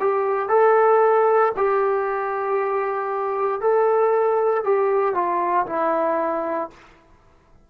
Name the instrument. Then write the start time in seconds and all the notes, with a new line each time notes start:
trombone
0.00 G4
0.48 A4
1.57 G4
3.61 A4
4.64 G4
5.14 F4
5.66 E4